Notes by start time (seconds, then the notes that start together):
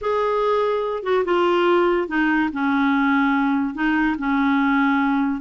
0.01 G#4
1.03 F#4
1.25 F4
2.08 D#4
2.52 C#4
3.74 D#4
4.18 C#4